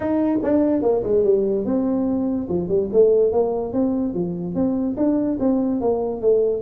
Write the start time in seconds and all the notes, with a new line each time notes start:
0.00 D#4
0.43 D4
0.82 A#3
1.03 G#3
1.24 G3
1.65 C4
2.48 F3
2.68 G3
2.92 A3
3.32 A#3
3.73 C4
4.14 F3
4.54 C4
4.97 D4
5.39 C4
5.80 A#3
6.21 A3